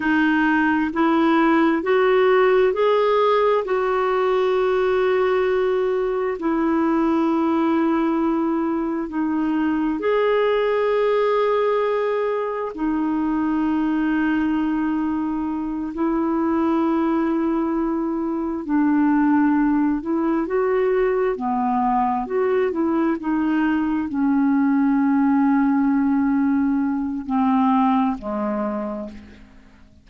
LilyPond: \new Staff \with { instrumentName = "clarinet" } { \time 4/4 \tempo 4 = 66 dis'4 e'4 fis'4 gis'4 | fis'2. e'4~ | e'2 dis'4 gis'4~ | gis'2 dis'2~ |
dis'4. e'2~ e'8~ | e'8 d'4. e'8 fis'4 b8~ | b8 fis'8 e'8 dis'4 cis'4.~ | cis'2 c'4 gis4 | }